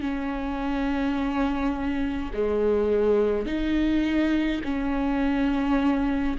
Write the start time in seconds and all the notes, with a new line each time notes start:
0.00 C#4
2.33 G#3
3.46 D#4
4.64 C#4